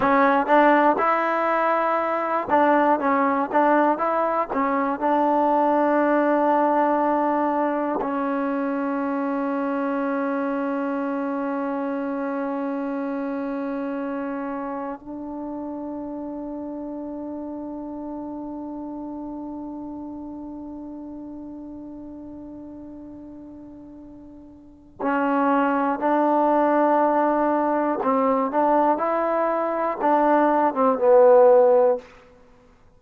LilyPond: \new Staff \with { instrumentName = "trombone" } { \time 4/4 \tempo 4 = 60 cis'8 d'8 e'4. d'8 cis'8 d'8 | e'8 cis'8 d'2. | cis'1~ | cis'2. d'4~ |
d'1~ | d'1~ | d'4 cis'4 d'2 | c'8 d'8 e'4 d'8. c'16 b4 | }